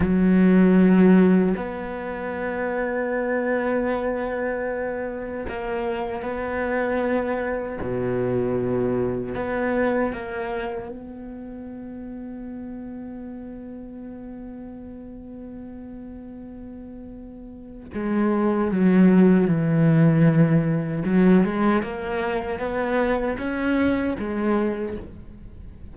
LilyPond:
\new Staff \with { instrumentName = "cello" } { \time 4/4 \tempo 4 = 77 fis2 b2~ | b2. ais4 | b2 b,2 | b4 ais4 b2~ |
b1~ | b2. gis4 | fis4 e2 fis8 gis8 | ais4 b4 cis'4 gis4 | }